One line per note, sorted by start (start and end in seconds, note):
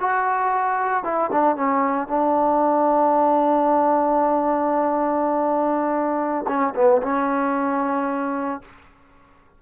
0.00 1.04 F#4
1.04 1.30 E4
1.31 1.56 D4
1.56 2.08 C#4
2.08 6.46 D4
6.47 6.74 C#4
6.75 7.02 B3
7.02 8.61 C#4